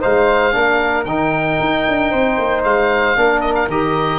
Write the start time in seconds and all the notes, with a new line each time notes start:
0.00 G#3 D#4 C5 F5
0.52 A#3 D4 A#4
1.05 D#3 D#4 G5
1.60 D#4
1.88 D4
2.11 C4 C5
2.38 A#3
2.64 G#3 F5
3.16 A#3 D4 A#4
3.41 D#5
3.55 F5
3.68 D#3 G4 D#5